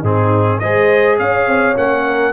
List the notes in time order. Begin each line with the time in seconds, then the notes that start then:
0.00 G#2 C4 D#4 G#4
0.59 G#3 G#4 C5 D#5
1.19 C#4 C#5 F5
1.47 C4
1.76 A#3 C#4 F#5
2.06 A#4